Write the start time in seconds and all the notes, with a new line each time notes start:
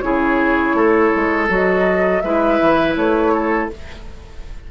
0.00 C#3 E4 G#4 C#5
0.74 A3 A4
1.15 G#3
1.49 F#3 F#4 D#5
2.21 G#3 E4 B4 E5
2.61 E3
2.96 A3 C#5
3.33 A4